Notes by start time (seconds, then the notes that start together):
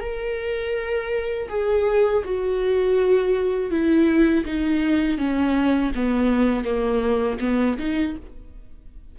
0.00 A#4
1.49 G#4
2.24 F#4
3.70 E4
4.45 D#4
5.18 C#4
5.95 B3
6.64 A#3
7.39 B3
7.78 D#4